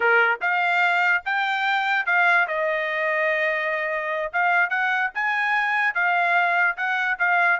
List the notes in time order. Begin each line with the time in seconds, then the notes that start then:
0.00 A#4
0.41 F5
1.25 G5
2.05 F5
2.47 D#5
4.32 F5
4.69 F#5
5.14 G#5
5.94 F5
6.76 F#5
7.18 F5